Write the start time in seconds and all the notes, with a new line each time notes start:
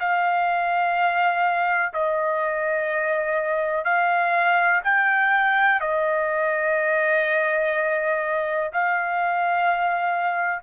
0.00 F5
1.94 D#5
3.85 F5
4.84 G5
5.81 D#5
8.73 F5